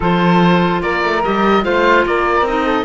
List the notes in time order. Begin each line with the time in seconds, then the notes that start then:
0.00 F3 F4 A4 C5
0.81 A#3 A#4 D5
1.03 A3
1.23 G3 G4 D#5
1.62 A3 F4 C5 F5
2.05 A#3 A#4 D5
2.41 C4 D#4 D#5
2.65 A4